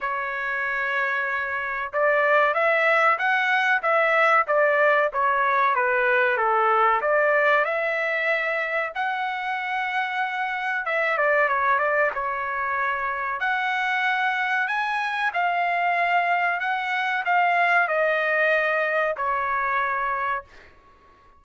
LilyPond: \new Staff \with { instrumentName = "trumpet" } { \time 4/4 \tempo 4 = 94 cis''2. d''4 | e''4 fis''4 e''4 d''4 | cis''4 b'4 a'4 d''4 | e''2 fis''2~ |
fis''4 e''8 d''8 cis''8 d''8 cis''4~ | cis''4 fis''2 gis''4 | f''2 fis''4 f''4 | dis''2 cis''2 | }